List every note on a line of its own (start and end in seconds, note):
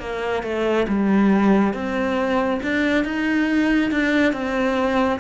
0.00 0.43 A#3
0.43 0.87 A3
0.88 1.74 G3
1.74 2.61 C4
2.63 3.05 D4
3.05 3.91 D#4
3.91 4.33 D4
4.33 5.20 C4